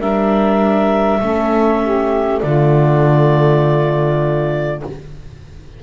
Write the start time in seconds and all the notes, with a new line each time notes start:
0.00 G3 D4 A#4 E5
1.21 A3 C#4 A4
1.82 G4
2.40 D3 A3 F4 D5